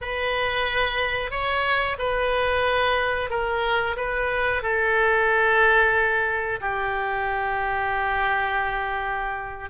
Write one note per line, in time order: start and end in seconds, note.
0.01 1.30 B4
1.30 1.96 C#5
1.98 3.30 B4
3.30 3.96 A#4
3.96 4.62 B4
4.62 6.60 A4
6.61 9.70 G4